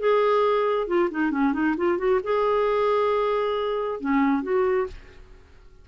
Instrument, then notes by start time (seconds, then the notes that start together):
clarinet
0.00 G#4
0.88 F4
1.11 D#4
1.32 C#4
1.54 D#4
1.78 F4
1.99 F#4
2.24 G#4
4.00 C#4
4.43 F#4